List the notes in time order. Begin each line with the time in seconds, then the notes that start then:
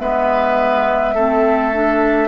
0.00 G#3 B3 B4 E5
1.15 A3 C4 A4
1.74 D4